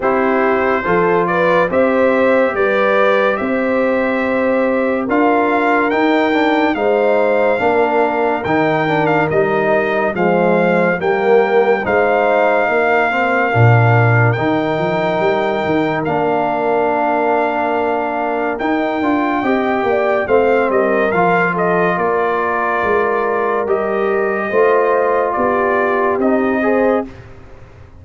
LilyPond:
<<
  \new Staff \with { instrumentName = "trumpet" } { \time 4/4 \tempo 4 = 71 c''4. d''8 e''4 d''4 | e''2 f''4 g''4 | f''2 g''8. f''16 dis''4 | f''4 g''4 f''2~ |
f''4 g''2 f''4~ | f''2 g''2 | f''8 dis''8 f''8 dis''8 d''2 | dis''2 d''4 dis''4 | }
  \new Staff \with { instrumentName = "horn" } { \time 4/4 g'4 a'8 b'8 c''4 b'4 | c''2 ais'2 | c''4 ais'2. | c''4 ais'4 c''4 ais'4~ |
ais'1~ | ais'2. dis''8 d''8 | c''8 ais'4 a'8 ais'2~ | ais'4 c''4 g'4. c''8 | }
  \new Staff \with { instrumentName = "trombone" } { \time 4/4 e'4 f'4 g'2~ | g'2 f'4 dis'8 d'8 | dis'4 d'4 dis'8 d'8 dis'4 | gis4 ais4 dis'4. c'8 |
d'4 dis'2 d'4~ | d'2 dis'8 f'8 g'4 | c'4 f'2. | g'4 f'2 dis'8 gis'8 | }
  \new Staff \with { instrumentName = "tuba" } { \time 4/4 c'4 f4 c'4 g4 | c'2 d'4 dis'4 | gis4 ais4 dis4 g4 | f4 g4 gis4 ais4 |
ais,4 dis8 f8 g8 dis8 ais4~ | ais2 dis'8 d'8 c'8 ais8 | a8 g8 f4 ais4 gis4 | g4 a4 b4 c'4 | }
>>